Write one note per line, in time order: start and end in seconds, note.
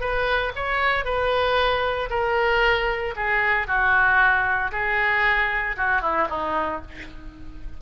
0.00 0.52 B4
0.55 1.05 C#5
1.05 2.09 B4
2.10 3.14 A#4
3.16 3.67 G#4
3.67 4.71 F#4
4.71 5.76 G#4
5.77 6.01 F#4
6.01 6.27 E4
6.29 6.81 D#4